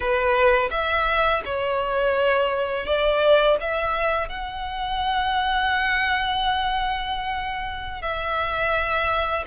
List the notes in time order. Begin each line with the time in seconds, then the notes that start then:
0.00 B4
0.70 E5
1.44 C#5
2.86 D5
3.60 E5
4.29 F#5
8.02 E5